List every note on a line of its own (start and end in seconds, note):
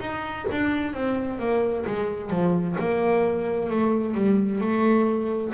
0.00 0.46 D#4
0.51 0.94 D4
0.94 1.39 C4
1.39 1.85 A#3
1.86 2.30 G#3
2.30 2.76 F3
2.79 3.70 A#3
3.70 4.15 A3
4.15 4.61 G3
4.61 5.53 A3